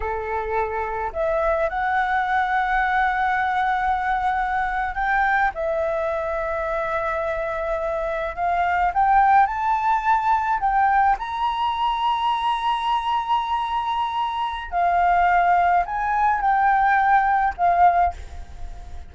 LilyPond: \new Staff \with { instrumentName = "flute" } { \time 4/4 \tempo 4 = 106 a'2 e''4 fis''4~ | fis''1~ | fis''8. g''4 e''2~ e''16~ | e''2~ e''8. f''4 g''16~ |
g''8. a''2 g''4 ais''16~ | ais''1~ | ais''2 f''2 | gis''4 g''2 f''4 | }